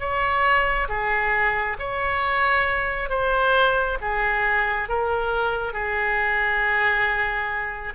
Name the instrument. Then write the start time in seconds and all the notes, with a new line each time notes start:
oboe
0.00 C#5
0.89 G#4
1.79 C#5
3.10 C5
4.01 G#4
4.89 A#4
5.74 G#4